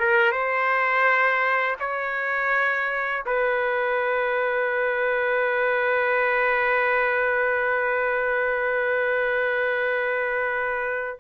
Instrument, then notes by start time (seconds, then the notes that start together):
trumpet
0.00 A#4
0.32 C5
1.80 C#5
3.26 B4